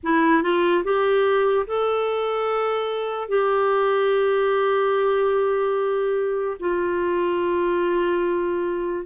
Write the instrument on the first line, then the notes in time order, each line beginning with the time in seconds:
clarinet
0.03 E4
0.42 F4
0.84 G4
1.66 A4
3.28 G4
6.59 F4